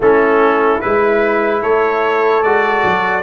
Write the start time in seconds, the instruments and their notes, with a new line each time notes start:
0.00 tuba A3, trombone C#4, horn E4, trumpet A4
0.80 tuba G#3, trombone E4, trumpet B4
1.61 tuba A3, horn A4, trumpet C#5
2.42 tuba G#3, trombone F#4, trumpet D5
2.83 tuba F#3